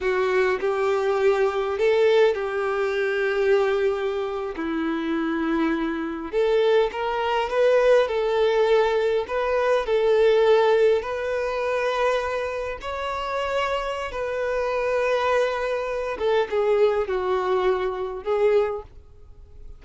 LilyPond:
\new Staff \with { instrumentName = "violin" } { \time 4/4 \tempo 4 = 102 fis'4 g'2 a'4 | g'2.~ g'8. e'16~ | e'2~ e'8. a'4 ais'16~ | ais'8. b'4 a'2 b'16~ |
b'8. a'2 b'4~ b'16~ | b'4.~ b'16 cis''2~ cis''16 | b'2.~ b'8 a'8 | gis'4 fis'2 gis'4 | }